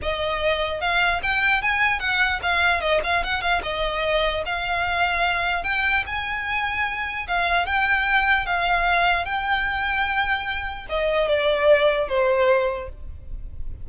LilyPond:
\new Staff \with { instrumentName = "violin" } { \time 4/4 \tempo 4 = 149 dis''2 f''4 g''4 | gis''4 fis''4 f''4 dis''8 f''8 | fis''8 f''8 dis''2 f''4~ | f''2 g''4 gis''4~ |
gis''2 f''4 g''4~ | g''4 f''2 g''4~ | g''2. dis''4 | d''2 c''2 | }